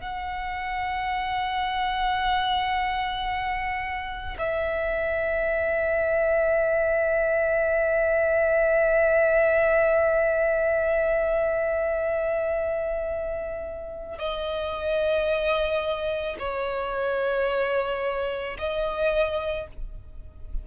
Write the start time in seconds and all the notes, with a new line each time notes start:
0.00 F#5
4.38 E5
14.18 D#5
16.39 C#5
18.58 D#5